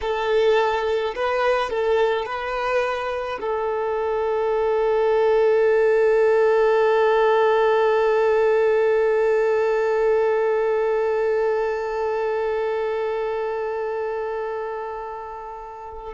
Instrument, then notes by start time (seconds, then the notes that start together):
violin
0.01 A4
1.15 B4
1.70 A4
2.25 B4
3.40 A4